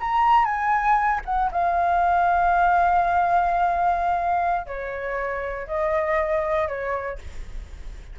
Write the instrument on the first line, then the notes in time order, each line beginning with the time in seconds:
flute
0.00 A#5
0.45 G#5
1.26 F#5
1.52 F5
4.67 C#5
5.67 D#5
6.68 C#5